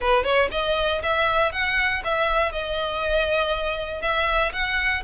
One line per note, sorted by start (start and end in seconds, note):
0.00 0.23 B4
0.23 0.49 C#5
0.51 1.01 D#5
1.02 1.51 E5
1.51 2.02 F#5
2.04 2.52 E5
2.52 4.01 D#5
4.01 4.52 E5
4.52 5.03 F#5